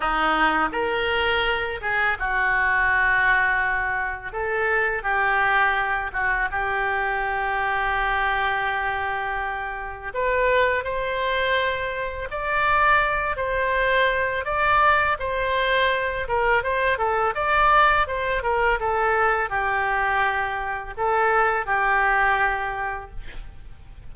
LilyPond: \new Staff \with { instrumentName = "oboe" } { \time 4/4 \tempo 4 = 83 dis'4 ais'4. gis'8 fis'4~ | fis'2 a'4 g'4~ | g'8 fis'8 g'2.~ | g'2 b'4 c''4~ |
c''4 d''4. c''4. | d''4 c''4. ais'8 c''8 a'8 | d''4 c''8 ais'8 a'4 g'4~ | g'4 a'4 g'2 | }